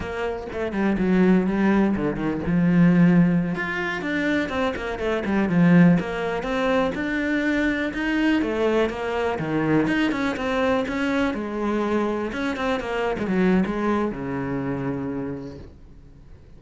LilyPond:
\new Staff \with { instrumentName = "cello" } { \time 4/4 \tempo 4 = 123 ais4 a8 g8 fis4 g4 | d8 dis8 f2~ f16 f'8.~ | f'16 d'4 c'8 ais8 a8 g8 f8.~ | f16 ais4 c'4 d'4.~ d'16~ |
d'16 dis'4 a4 ais4 dis8.~ | dis16 dis'8 cis'8 c'4 cis'4 gis8.~ | gis4~ gis16 cis'8 c'8 ais8. gis16 fis8. | gis4 cis2. | }